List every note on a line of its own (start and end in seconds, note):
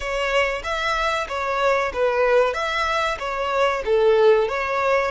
0.00 0.62 C#5
0.63 1.27 E5
1.28 1.92 C#5
1.93 2.53 B4
2.53 3.17 E5
3.19 3.82 C#5
3.85 4.48 A4
4.48 5.11 C#5